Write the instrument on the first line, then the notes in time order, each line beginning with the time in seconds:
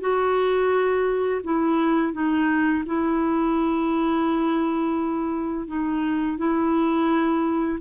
clarinet
0.00 F#4
1.43 E4
2.13 D#4
2.86 E4
5.67 D#4
6.38 E4